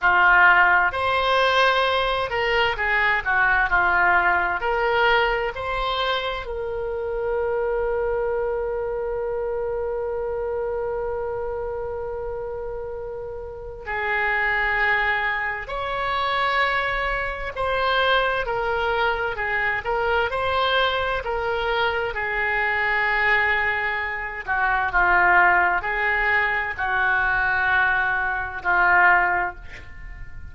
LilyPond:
\new Staff \with { instrumentName = "oboe" } { \time 4/4 \tempo 4 = 65 f'4 c''4. ais'8 gis'8 fis'8 | f'4 ais'4 c''4 ais'4~ | ais'1~ | ais'2. gis'4~ |
gis'4 cis''2 c''4 | ais'4 gis'8 ais'8 c''4 ais'4 | gis'2~ gis'8 fis'8 f'4 | gis'4 fis'2 f'4 | }